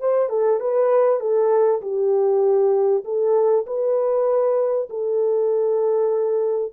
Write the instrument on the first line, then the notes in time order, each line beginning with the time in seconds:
horn
0.00 C5
0.29 A4
0.60 B4
1.20 A4
1.81 G4
3.04 A4
3.66 B4
4.90 A4